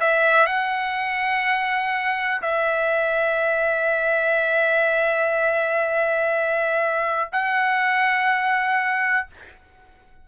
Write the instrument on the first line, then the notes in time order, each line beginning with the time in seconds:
trumpet
0.00 E5
0.46 F#5
2.42 E5
7.32 F#5